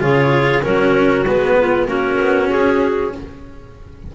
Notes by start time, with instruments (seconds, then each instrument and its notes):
0.00 double bass C#3, cello F4, clarinet G#4 C#5
0.62 double bass F#3, cello C#4, clarinet F#4 A#4
1.27 double bass G#3, cello B3, clarinet B4
1.59 clarinet F4
1.86 double bass A#3, cello C#4, clarinet F#4 A#4
2.20 double bass B3
2.50 double bass C#4, clarinet G#4